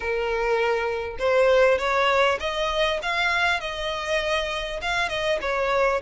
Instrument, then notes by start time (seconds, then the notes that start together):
violin
0.00 A#4
1.18 C5
1.78 C#5
2.40 D#5
3.02 F5
3.60 D#5
4.81 F5
5.08 D#5
5.41 C#5